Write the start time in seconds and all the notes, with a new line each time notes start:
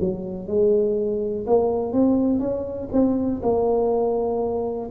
0.00 F#3
0.48 G#3
1.47 A#3
1.93 C4
2.40 C#4
2.92 C4
3.43 A#3